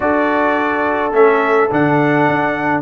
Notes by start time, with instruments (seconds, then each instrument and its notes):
0.00 tuba D4, trombone F#4, horn A4, trumpet D5
1.12 tuba A3, trombone C#4, trumpet E5
1.71 tuba D3, trombone D4, trumpet F#5
2.28 tuba D4